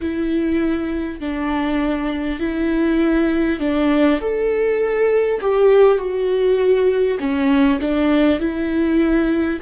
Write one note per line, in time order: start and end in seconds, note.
0.01 1.19 E4
1.19 2.39 D4
2.39 3.59 E4
3.59 4.19 D4
4.20 5.40 A4
5.41 5.98 G4
5.98 7.18 F#4
7.19 7.79 C#4
7.80 8.39 D4
8.39 9.59 E4